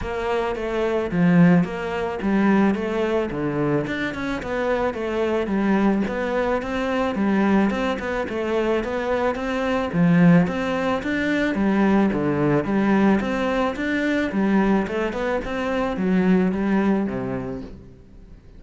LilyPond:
\new Staff \with { instrumentName = "cello" } { \time 4/4 \tempo 4 = 109 ais4 a4 f4 ais4 | g4 a4 d4 d'8 cis'8 | b4 a4 g4 b4 | c'4 g4 c'8 b8 a4 |
b4 c'4 f4 c'4 | d'4 g4 d4 g4 | c'4 d'4 g4 a8 b8 | c'4 fis4 g4 c4 | }